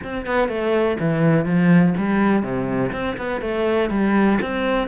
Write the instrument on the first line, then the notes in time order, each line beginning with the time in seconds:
cello
0.03 C4
0.25 B3
0.48 A3
0.99 E3
1.45 F3
1.97 G3
2.42 C3
2.92 C4
3.17 B3
3.41 A3
3.90 G3
4.41 C4